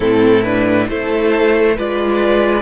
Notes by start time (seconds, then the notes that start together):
0.00 A2 C4 E4 A4
0.43 D4 B4
0.88 A3 E4 A4 C5
1.75 G#3 F4 B4 D5